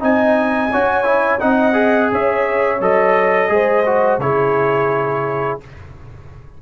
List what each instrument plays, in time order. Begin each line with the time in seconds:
0.00 tuba C4, trombone D#4, horn D#5, trumpet G#5
0.72 tuba C#4, trombone F#4, horn C#5
1.04 trombone E4
1.40 tuba C4, trombone D#4, horn D#5, trumpet F#5
1.73 trombone G#4
2.12 tuba C#4, horn C#5, trumpet E5
2.80 tuba F#3, trombone A4, trumpet D#5
3.49 tuba G#3, trombone G#4, horn C5
3.86 trombone F#4
4.19 tuba C#3, trombone E4, horn G#4, trumpet C#5